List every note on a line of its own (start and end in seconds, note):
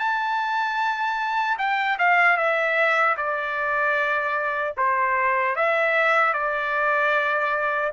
0.00 1.58 A5
1.59 1.98 G5
1.99 2.38 F5
2.38 3.17 E5
3.18 4.75 D5
4.78 5.57 C5
5.57 6.34 E5
6.34 7.92 D5